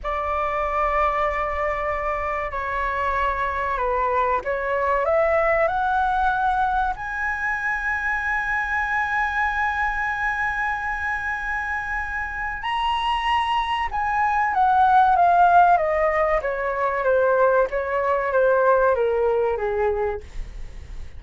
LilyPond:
\new Staff \with { instrumentName = "flute" } { \time 4/4 \tempo 4 = 95 d''1 | cis''2 b'4 cis''4 | e''4 fis''2 gis''4~ | gis''1~ |
gis''1 | ais''2 gis''4 fis''4 | f''4 dis''4 cis''4 c''4 | cis''4 c''4 ais'4 gis'4 | }